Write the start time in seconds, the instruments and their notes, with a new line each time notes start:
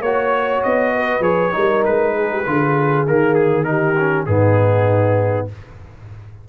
0.00 tuba A#3, trombone F#4, trumpet C#5, horn C#5
0.63 tuba B3, trumpet D#5
0.94 horn B4
1.19 tuba F3, trombone G#4, trumpet C#5
1.52 tuba G3, trombone D#4, horn A#4
1.85 tuba G#3, trumpet B4
2.15 horn G#4
2.30 horn G4
2.46 tuba D3, trombone F4, horn G#4
3.07 tuba D#3, trombone A#3, trumpet A#4
3.34 trumpet G#4
3.64 trombone D#4, horn G4, trumpet A#4
3.98 trombone C#4
4.25 tuba G#2, trombone B3, horn D#4, trumpet G#4